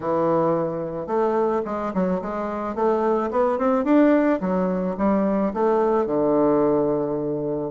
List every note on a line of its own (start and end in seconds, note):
0.00 1.07 E3
1.07 1.62 A3
1.65 1.92 G#3
1.93 2.21 F#3
2.21 2.75 G#3
2.75 3.30 A3
3.30 3.58 B3
3.58 3.84 C4
3.84 4.39 D4
4.40 4.95 F#3
4.97 5.52 G3
5.53 6.06 A3
6.06 7.71 D3